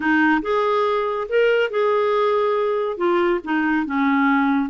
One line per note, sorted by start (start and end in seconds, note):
0.00 0.41 D#4
0.41 1.27 G#4
1.28 1.70 A#4
1.70 2.97 G#4
2.97 3.40 F4
3.43 3.86 D#4
3.86 4.69 C#4